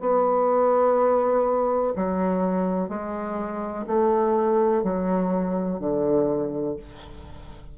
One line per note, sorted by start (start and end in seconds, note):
0.00 1.94 B3
1.95 2.89 F#3
2.89 3.85 G#3
3.87 4.83 A3
4.83 5.79 F#3
5.79 6.76 D3